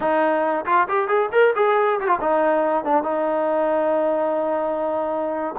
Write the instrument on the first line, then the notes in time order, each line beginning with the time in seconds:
trombone
0.00 D#4
0.65 F4
0.88 G4
1.07 G#4
1.32 A#4
1.55 G#4
2.00 G4
2.07 F4
2.20 D#4
2.84 D4
3.03 D#4